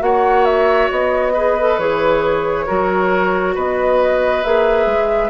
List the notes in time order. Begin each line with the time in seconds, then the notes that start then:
0.00 A#3 F#4 C#5 F#5
0.45 E5
0.91 B3 D#5
1.33 G#4 B4
1.60 A4
1.79 E3 G#4 C#5
2.67 F#3 F#4 A#4
3.55 B3 B4 D#5
4.44 A#3 G#4 E5
4.86 G#3